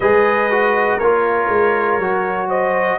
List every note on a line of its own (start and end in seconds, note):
0.00 0.99 G#3
0.00 0.50 G#4
0.00 0.97 B4
0.00 0.99 D#5
0.50 1.00 F#4
0.97 1.48 A#3
0.97 2.01 F4
0.97 2.47 A#4
0.97 2.49 C#5
1.48 1.98 G#3
1.98 2.98 F#3
1.98 2.99 F#4
2.49 2.99 C5
2.49 2.99 D#5